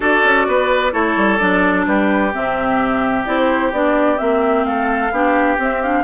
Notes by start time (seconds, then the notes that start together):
0.00 D4 F#4 A4 D5
0.24 C#4
0.47 B3 B4
0.91 A3 E4 A4 C#5
1.16 G3
1.38 F#3 D4 D5
1.86 G3 G4 B4
2.33 C3 C4 E5
3.25 C4 E4 D5
3.37 C5
3.72 B3 D4 D5
4.17 A#3 C4 E5
4.63 A3 A4 F5
5.11 B3 D4 G4
5.57 C4 E5
5.83 D4 F5